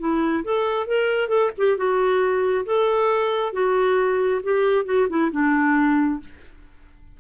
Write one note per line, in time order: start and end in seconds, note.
0.00 0.44 E4
0.44 0.87 A4
0.87 1.29 A#4
1.29 1.51 A4
1.58 1.77 G4
1.77 2.66 F#4
2.66 3.54 A4
3.54 4.42 F#4
4.44 4.86 G4
4.86 5.08 F#4
5.10 5.32 E4
5.32 6.20 D4